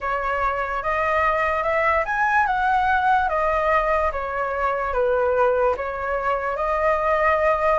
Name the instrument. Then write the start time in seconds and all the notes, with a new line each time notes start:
flute
0.00 C#5
0.83 D#5
1.63 E5
2.05 G#5
2.46 F#5
3.28 D#5
4.12 C#5
4.93 B4
5.76 C#5
6.56 D#5